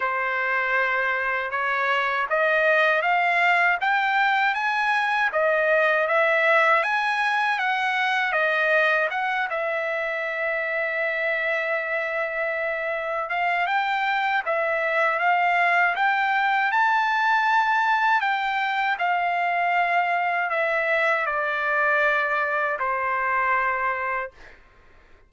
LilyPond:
\new Staff \with { instrumentName = "trumpet" } { \time 4/4 \tempo 4 = 79 c''2 cis''4 dis''4 | f''4 g''4 gis''4 dis''4 | e''4 gis''4 fis''4 dis''4 | fis''8 e''2.~ e''8~ |
e''4. f''8 g''4 e''4 | f''4 g''4 a''2 | g''4 f''2 e''4 | d''2 c''2 | }